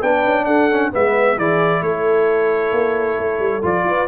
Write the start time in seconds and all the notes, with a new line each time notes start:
0.00 B3 D4 B4 G5
0.25 C#4
0.45 D4 A4 F#5
0.71 C#4
0.91 G#3 B3 B4 E5
1.37 E3 E4 G#4 D5
1.81 A3 A4 C#5
2.72 A#3
3.18 A3
3.39 G3
3.62 F3 F4 D5
3.84 F4 B4